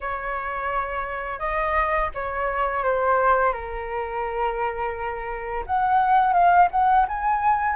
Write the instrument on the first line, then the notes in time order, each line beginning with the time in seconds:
flute
0.01 C#5
1.39 D#5
2.14 C#5
2.83 C5
3.53 A#4
5.66 F#5
6.33 F5
6.71 F#5
7.08 G#5